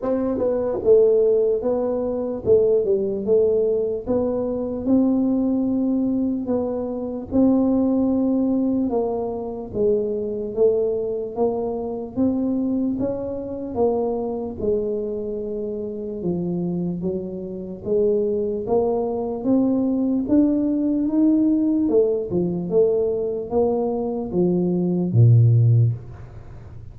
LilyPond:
\new Staff \with { instrumentName = "tuba" } { \time 4/4 \tempo 4 = 74 c'8 b8 a4 b4 a8 g8 | a4 b4 c'2 | b4 c'2 ais4 | gis4 a4 ais4 c'4 |
cis'4 ais4 gis2 | f4 fis4 gis4 ais4 | c'4 d'4 dis'4 a8 f8 | a4 ais4 f4 ais,4 | }